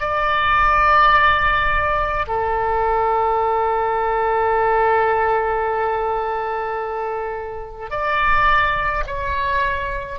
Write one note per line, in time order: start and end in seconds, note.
0.00 2.26 D5
2.27 7.90 A4
7.90 9.04 D5
9.07 10.19 C#5